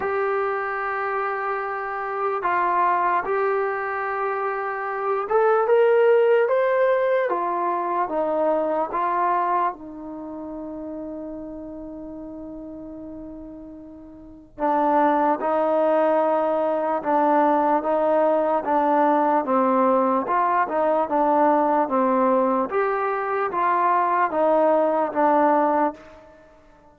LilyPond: \new Staff \with { instrumentName = "trombone" } { \time 4/4 \tempo 4 = 74 g'2. f'4 | g'2~ g'8 a'8 ais'4 | c''4 f'4 dis'4 f'4 | dis'1~ |
dis'2 d'4 dis'4~ | dis'4 d'4 dis'4 d'4 | c'4 f'8 dis'8 d'4 c'4 | g'4 f'4 dis'4 d'4 | }